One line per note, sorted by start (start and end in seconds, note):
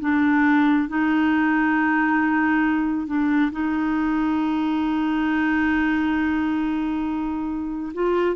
0.00 0.88 D4
0.88 3.07 D#4
3.07 3.51 D4
3.52 7.93 D#4
7.94 8.35 F4